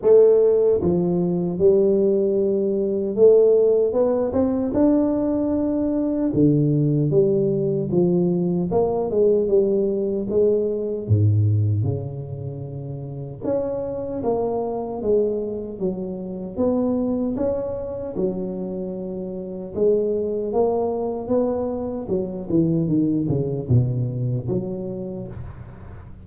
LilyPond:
\new Staff \with { instrumentName = "tuba" } { \time 4/4 \tempo 4 = 76 a4 f4 g2 | a4 b8 c'8 d'2 | d4 g4 f4 ais8 gis8 | g4 gis4 gis,4 cis4~ |
cis4 cis'4 ais4 gis4 | fis4 b4 cis'4 fis4~ | fis4 gis4 ais4 b4 | fis8 e8 dis8 cis8 b,4 fis4 | }